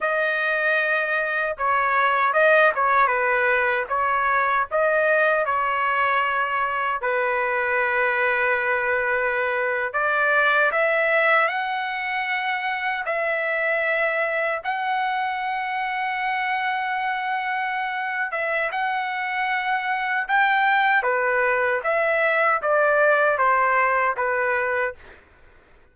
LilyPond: \new Staff \with { instrumentName = "trumpet" } { \time 4/4 \tempo 4 = 77 dis''2 cis''4 dis''8 cis''8 | b'4 cis''4 dis''4 cis''4~ | cis''4 b'2.~ | b'8. d''4 e''4 fis''4~ fis''16~ |
fis''8. e''2 fis''4~ fis''16~ | fis''2.~ fis''8 e''8 | fis''2 g''4 b'4 | e''4 d''4 c''4 b'4 | }